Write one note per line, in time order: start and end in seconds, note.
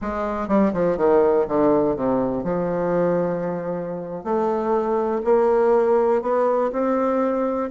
0.01 0.48 G#3
0.48 0.72 G3
0.73 0.97 F3
0.97 1.46 D#3
1.48 1.96 D3
1.96 2.43 C3
2.43 4.24 F3
4.24 5.21 A3
5.24 6.22 A#3
6.22 6.70 B3
6.72 7.69 C4